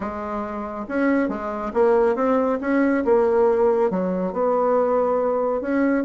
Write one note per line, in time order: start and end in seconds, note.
0.00 0.86 G#3
0.88 1.29 C#4
1.29 1.72 G#3
1.73 2.15 A#3
2.15 2.59 C4
2.60 3.04 C#4
3.05 3.90 A#3
3.90 4.32 F#3
4.32 5.61 B3
5.61 6.04 C#4